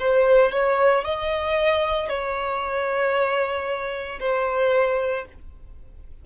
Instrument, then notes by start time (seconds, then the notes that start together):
violin
0.00 C5
0.52 C#5
1.05 D#5
2.10 C#5
4.21 C5